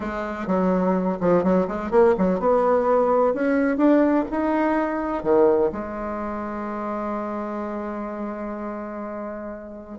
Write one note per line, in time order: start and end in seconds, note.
0.00 0.47 G#3
0.47 1.18 F#3
1.20 1.43 F3
1.43 1.67 F#3
1.67 1.90 G#3
1.90 2.14 A#3
2.18 2.39 F#3
2.39 3.34 B3
3.34 3.77 C#4
3.77 4.24 D4
4.31 5.23 D#4
5.23 5.70 D#3
5.72 9.98 G#3